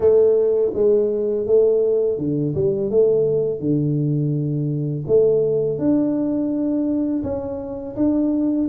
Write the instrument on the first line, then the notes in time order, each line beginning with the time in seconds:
tuba
0.00 A3
0.74 G#3
1.46 A3
2.18 D3
2.54 G3
2.90 A3
3.59 D3
5.07 A3
5.78 D4
7.23 C#4
7.96 D4